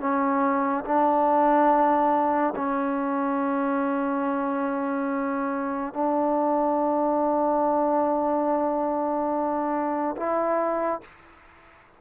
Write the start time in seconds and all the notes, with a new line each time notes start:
0.00 C#4
0.85 D4
2.56 C#4
5.93 D4
10.17 E4